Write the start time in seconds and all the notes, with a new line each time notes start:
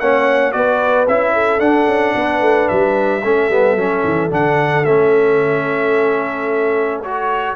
0.00 A#3 C#4 C#5 F#5
0.52 B3 F#4 B4 D5
1.08 C#4 E4 E5
1.34 A4
1.59 D4 F#5
1.87 C#4
2.15 B3 B4
2.41 A3
2.68 G3 E5
3.24 A3 C#4 A4
3.50 G3 B3
3.76 F#3 C#4
4.04 E3
4.31 D3 D4 F#5
4.85 A3 C#4 E5
7.03 F#4 C#5